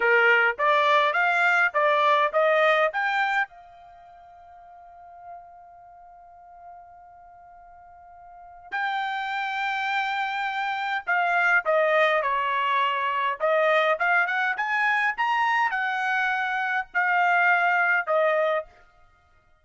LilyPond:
\new Staff \with { instrumentName = "trumpet" } { \time 4/4 \tempo 4 = 103 ais'4 d''4 f''4 d''4 | dis''4 g''4 f''2~ | f''1~ | f''2. g''4~ |
g''2. f''4 | dis''4 cis''2 dis''4 | f''8 fis''8 gis''4 ais''4 fis''4~ | fis''4 f''2 dis''4 | }